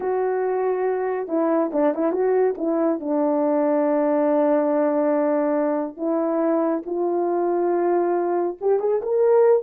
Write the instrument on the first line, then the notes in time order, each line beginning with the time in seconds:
horn
0.00 F#4
1.28 E4
1.72 D4
1.94 E4
2.12 F#4
2.57 E4
3.00 D4
5.96 E4
6.86 F4
8.60 G4
8.79 G#4
9.02 A#4